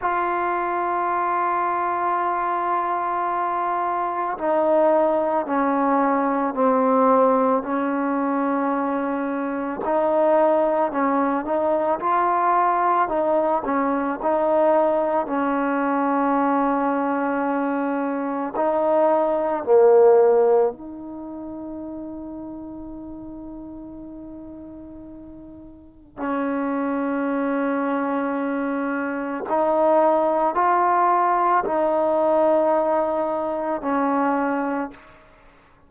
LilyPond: \new Staff \with { instrumentName = "trombone" } { \time 4/4 \tempo 4 = 55 f'1 | dis'4 cis'4 c'4 cis'4~ | cis'4 dis'4 cis'8 dis'8 f'4 | dis'8 cis'8 dis'4 cis'2~ |
cis'4 dis'4 ais4 dis'4~ | dis'1 | cis'2. dis'4 | f'4 dis'2 cis'4 | }